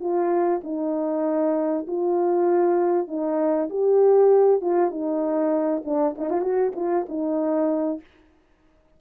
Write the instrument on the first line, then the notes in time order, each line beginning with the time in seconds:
horn
0.00 F4
0.64 D#4
1.87 F4
3.08 D#4
3.70 G4
4.61 F4
4.91 D#4
5.85 D4
6.18 D#4
6.30 F4
6.41 F#4
6.76 F4
7.09 D#4